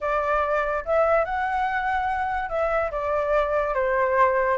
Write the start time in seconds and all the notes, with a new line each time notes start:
0.01 D5
0.85 E5
1.24 F#5
2.49 E5
2.91 D5
3.74 C5